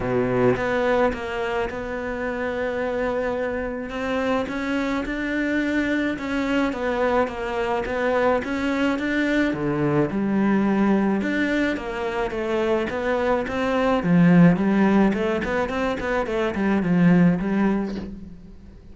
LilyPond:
\new Staff \with { instrumentName = "cello" } { \time 4/4 \tempo 4 = 107 b,4 b4 ais4 b4~ | b2. c'4 | cis'4 d'2 cis'4 | b4 ais4 b4 cis'4 |
d'4 d4 g2 | d'4 ais4 a4 b4 | c'4 f4 g4 a8 b8 | c'8 b8 a8 g8 f4 g4 | }